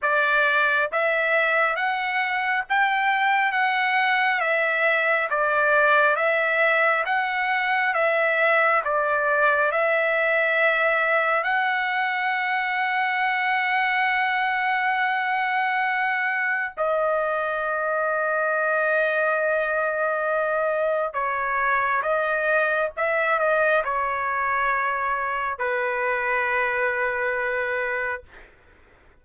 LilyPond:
\new Staff \with { instrumentName = "trumpet" } { \time 4/4 \tempo 4 = 68 d''4 e''4 fis''4 g''4 | fis''4 e''4 d''4 e''4 | fis''4 e''4 d''4 e''4~ | e''4 fis''2.~ |
fis''2. dis''4~ | dis''1 | cis''4 dis''4 e''8 dis''8 cis''4~ | cis''4 b'2. | }